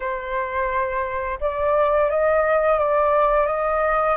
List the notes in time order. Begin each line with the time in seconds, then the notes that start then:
0.00 C5
1.40 D5
2.10 D#5
2.78 D5
3.47 D#5